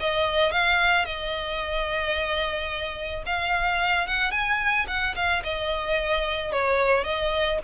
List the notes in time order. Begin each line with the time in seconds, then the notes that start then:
0.00 D#5
0.52 F5
1.06 D#5
3.26 F5
4.07 F#5
4.31 G#5
4.88 F#5
5.16 F5
5.44 D#5
6.52 C#5
7.04 D#5